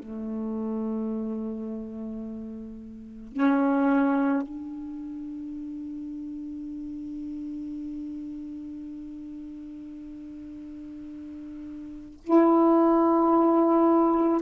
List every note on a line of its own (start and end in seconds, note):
0.00 3.33 A3
3.33 4.43 C#4
4.43 12.21 D4
12.24 14.42 E4